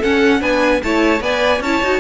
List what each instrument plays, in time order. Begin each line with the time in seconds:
0.00 viola C#4, cello C#4, violin A4 F#5
0.40 cello B3, viola D4, violin B4 G#5
0.83 cello A3, viola E4, violin C#5 A5
1.20 cello B3, viola B4, violin D5 G#5
1.60 cello C#4, viola E4, violin C#5 A5
1.83 cello D#4, viola F#4